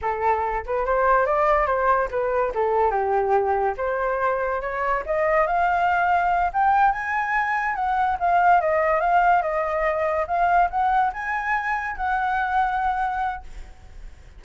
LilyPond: \new Staff \with { instrumentName = "flute" } { \time 4/4 \tempo 4 = 143 a'4. b'8 c''4 d''4 | c''4 b'4 a'4 g'4~ | g'4 c''2 cis''4 | dis''4 f''2~ f''8 g''8~ |
g''8 gis''2 fis''4 f''8~ | f''8 dis''4 f''4 dis''4.~ | dis''8 f''4 fis''4 gis''4.~ | gis''8 fis''2.~ fis''8 | }